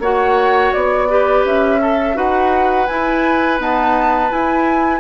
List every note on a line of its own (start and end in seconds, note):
0.00 0.71 A#3
0.00 1.09 F#4
0.00 1.08 C#5
0.00 0.73 F#5
0.73 1.45 B3
0.73 1.44 D5
1.09 1.80 G4
1.09 1.81 B4
1.45 2.16 C#4
1.45 2.18 E5
1.80 2.15 A4
1.80 2.17 A4
2.15 2.88 D#4
2.15 2.86 F#4
2.15 5.00 B4
2.15 2.87 F#5
2.87 3.59 E4
2.87 3.60 E4
2.87 3.59 G#5
3.59 4.30 B3
3.59 4.31 D#4
3.59 4.32 A5
4.30 5.00 E4
4.30 5.00 G#5